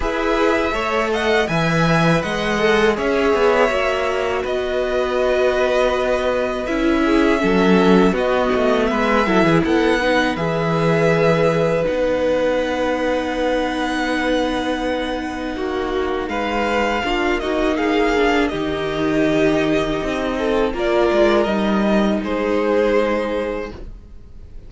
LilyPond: <<
  \new Staff \with { instrumentName = "violin" } { \time 4/4 \tempo 4 = 81 e''4. fis''8 gis''4 fis''4 | e''2 dis''2~ | dis''4 e''2 dis''4 | e''4 fis''4 e''2 |
fis''1~ | fis''2 f''4. dis''8 | f''4 dis''2. | d''4 dis''4 c''2 | }
  \new Staff \with { instrumentName = "violin" } { \time 4/4 b'4 cis''8 dis''8 e''4 dis''4 | cis''2 b'2~ | b'4. gis'8 a'4 fis'4 | b'8 a'16 gis'16 a'8 b'2~ b'8~ |
b'1~ | b'4 fis'4 b'4 f'8 fis'8 | gis'4 g'2~ g'8 a'8 | ais'2 gis'2 | }
  \new Staff \with { instrumentName = "viola" } { \time 4/4 gis'4 a'4 b'4. a'8 | gis'4 fis'2.~ | fis'4 e'4 cis'4 b4~ | b8 e'4 dis'8 gis'2 |
dis'1~ | dis'2. d'8 dis'8~ | dis'8 d'8 dis'2. | f'4 dis'2. | }
  \new Staff \with { instrumentName = "cello" } { \time 4/4 e'4 a4 e4 gis4 | cis'8 b8 ais4 b2~ | b4 cis'4 fis4 b8 a8 | gis8 fis16 e16 b4 e2 |
b1~ | b4 ais4 gis4 ais4~ | ais4 dis2 c'4 | ais8 gis8 g4 gis2 | }
>>